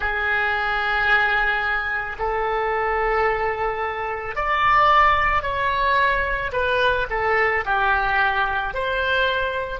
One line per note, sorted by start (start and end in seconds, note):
0.00 2.16 G#4
2.18 4.35 A4
4.35 5.42 D5
5.42 6.51 C#5
6.52 7.07 B4
7.10 7.64 A4
7.65 8.74 G4
8.74 9.80 C5